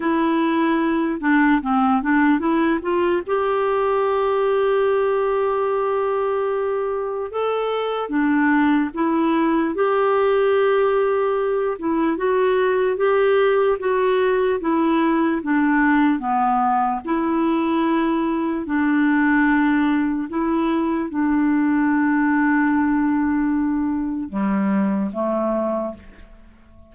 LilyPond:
\new Staff \with { instrumentName = "clarinet" } { \time 4/4 \tempo 4 = 74 e'4. d'8 c'8 d'8 e'8 f'8 | g'1~ | g'4 a'4 d'4 e'4 | g'2~ g'8 e'8 fis'4 |
g'4 fis'4 e'4 d'4 | b4 e'2 d'4~ | d'4 e'4 d'2~ | d'2 g4 a4 | }